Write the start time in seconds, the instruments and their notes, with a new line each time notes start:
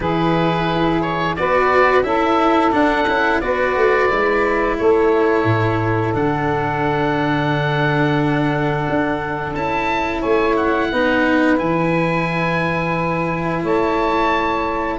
0.00 tuba E3, cello E4, saxophone G#4, oboe B4
1.01 oboe C#5
1.36 tuba B3, cello F#4, saxophone B4, oboe D5
2.02 tuba C#4, cello E4, saxophone A4, oboe E5
2.71 cello D4, tuba D4, oboe F#5
3.08 tuba C#4, cello E4
3.40 tuba B3, cello F#4, saxophone B4, oboe D5
3.76 tuba A3
4.09 tuba G#3, cello E4
4.77 tuba A3, saxophone A4, oboe C#5
5.44 tuba A2
6.13 tuba D3, cello D4, oboe F#5
8.89 tuba D4
9.54 tuba C#4, cello E4, oboe A5
10.19 tuba A3, saxophone C#5, oboe G#5
10.56 oboe F#5
10.91 tuba B3, cello D#4, saxophone B4
11.57 tuba E3, cello E4, oboe G#5
13.62 tuba A3, saxophone C#5, oboe A5